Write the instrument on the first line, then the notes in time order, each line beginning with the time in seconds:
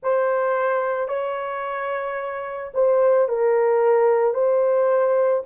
horn
0.02 C5
1.08 C#5
2.73 C5
3.28 A#4
4.34 C5